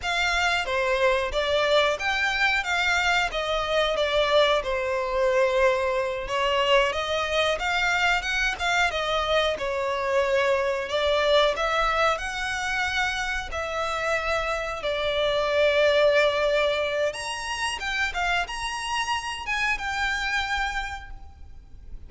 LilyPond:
\new Staff \with { instrumentName = "violin" } { \time 4/4 \tempo 4 = 91 f''4 c''4 d''4 g''4 | f''4 dis''4 d''4 c''4~ | c''4. cis''4 dis''4 f''8~ | f''8 fis''8 f''8 dis''4 cis''4.~ |
cis''8 d''4 e''4 fis''4.~ | fis''8 e''2 d''4.~ | d''2 ais''4 g''8 f''8 | ais''4. gis''8 g''2 | }